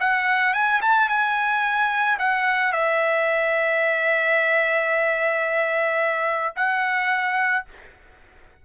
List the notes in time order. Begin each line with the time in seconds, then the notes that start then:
0.00 F#5
0.54 G#5
0.81 A5
1.09 G#5
2.19 F#5
2.72 E5
6.56 F#5